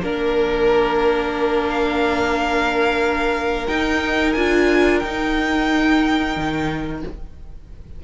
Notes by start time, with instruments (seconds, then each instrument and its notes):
0.00 cello A#3, viola D4, violin A#4
1.69 violin F5
3.67 viola D#4, cello D#4, violin G5
4.32 cello D4, viola F4, violin G#5
4.98 cello D#4, viola D#4, violin G5
6.36 cello D#3